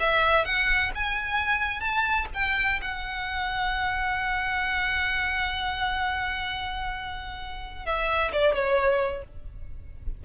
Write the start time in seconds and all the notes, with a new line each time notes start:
0.00 E5
0.45 F#5
0.95 G#5
1.81 A5
2.34 G5
2.82 F#5
7.86 E5
8.33 D5
8.54 C#5